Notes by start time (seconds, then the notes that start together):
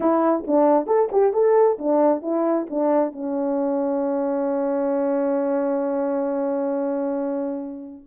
0.00 E4
0.47 D4
0.86 A4
1.12 G4
1.33 A4
1.78 D4
2.22 E4
2.69 D4
3.12 C#4